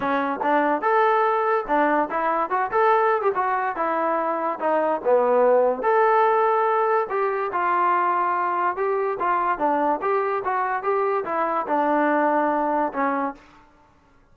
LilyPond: \new Staff \with { instrumentName = "trombone" } { \time 4/4 \tempo 4 = 144 cis'4 d'4 a'2 | d'4 e'4 fis'8 a'4~ a'16 g'16 | fis'4 e'2 dis'4 | b2 a'2~ |
a'4 g'4 f'2~ | f'4 g'4 f'4 d'4 | g'4 fis'4 g'4 e'4 | d'2. cis'4 | }